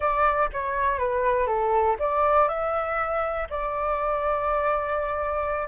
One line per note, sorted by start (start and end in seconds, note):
0.00 0.49 D5
0.52 0.98 C#5
0.98 1.47 B4
1.47 1.96 A4
1.99 2.48 D5
2.48 3.47 E5
3.50 5.68 D5